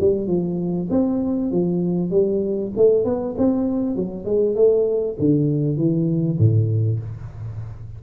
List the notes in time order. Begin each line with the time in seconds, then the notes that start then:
0.00 G3
0.27 F3
0.90 C4
1.52 F3
2.11 G3
2.77 A3
3.05 B3
3.38 C4
3.96 F#3
4.25 G#3
4.55 A3
5.19 D3
5.77 E3
6.39 A2